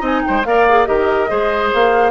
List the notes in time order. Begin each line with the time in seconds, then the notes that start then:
0.00 C4 D#4 D#5 G#5
0.23 C5 G5
0.29 G#3
0.44 A#3 A#4 D5 F5
0.69 G#4
0.85 D#3 G4 A#4 D#5
1.28 G#3 G#4 C5
1.74 A#3 F5